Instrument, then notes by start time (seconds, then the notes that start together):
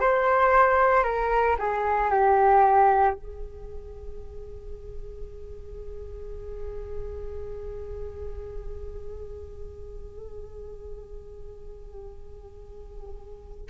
flute
0.00 C5
1.03 A#4
1.58 G#4
2.11 G4
3.14 G#4